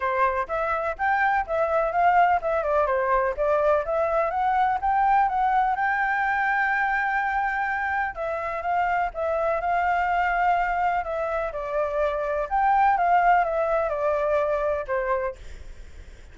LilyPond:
\new Staff \with { instrumentName = "flute" } { \time 4/4 \tempo 4 = 125 c''4 e''4 g''4 e''4 | f''4 e''8 d''8 c''4 d''4 | e''4 fis''4 g''4 fis''4 | g''1~ |
g''4 e''4 f''4 e''4 | f''2. e''4 | d''2 g''4 f''4 | e''4 d''2 c''4 | }